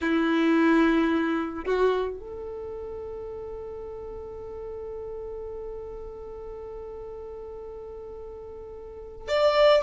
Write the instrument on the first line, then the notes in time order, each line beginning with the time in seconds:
violin
0.01 E4
1.65 F#4
2.19 A4
9.28 D5